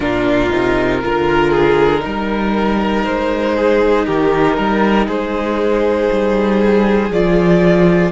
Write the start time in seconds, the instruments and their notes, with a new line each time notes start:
0.00 cello A#2, viola D4, violin F4 A#4
0.50 cello C3, viola D#4
1.01 cello D3, viola F4, violin A#4
1.50 violin G#4
1.99 cello G3, viola D#4
2.05 violin A#4
3.03 cello G#3, violin C5
3.56 violin G#4
4.06 cello D#3, violin G4 A#4
4.56 cello G3, violin A#4
5.06 cello G#3, violin G#4 C5
6.11 cello G3
7.10 cello F3, viola F4, violin D5